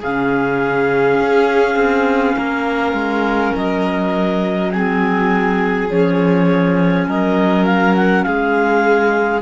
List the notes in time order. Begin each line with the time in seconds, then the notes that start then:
0.00 C#3 C#4 G#4 F5
1.20 C#4
1.75 C4
2.36 A#3 A#4
2.93 G#3
3.56 F#3 D#5
4.71 C4 G#4 G#5
5.89 F3 C#4 C#5
7.08 F#3 A#4 D#5
7.65 F5
7.95 F#5
8.23 G#3 G#4 F5